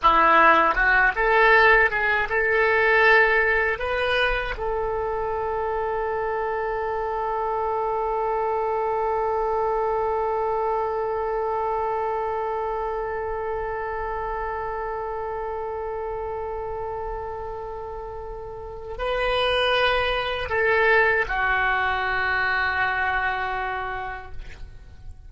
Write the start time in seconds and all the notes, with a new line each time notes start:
0.02 E4
0.74 F#4
1.15 A4
1.90 G#4
2.29 A4
3.78 B4
4.57 A4
18.97 B4
20.49 A4
21.28 F#4